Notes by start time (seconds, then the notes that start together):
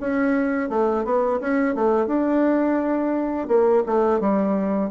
0.00 C#4
0.69 A3
1.04 B3
1.40 C#4
1.75 A3
2.06 D4
3.47 A#3
3.86 A3
4.20 G3